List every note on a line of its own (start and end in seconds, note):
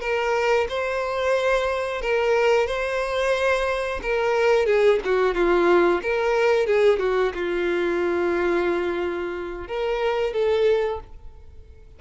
0.00 0.67 A#4
0.68 2.02 C5
2.02 2.67 A#4
2.67 4.00 C5
4.02 4.66 A#4
4.66 4.99 G#4
5.05 5.34 F#4
5.34 6.01 F4
6.02 6.66 A#4
6.66 6.99 G#4
6.99 7.32 F#4
7.34 9.68 F4
9.68 10.33 A#4
10.33 11.00 A4